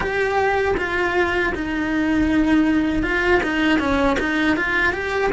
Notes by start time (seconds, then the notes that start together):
0.00 G4
0.77 F4
1.54 D#4
3.02 F4
3.43 D#4
3.79 C#4
4.19 D#4
4.56 F4
4.92 G4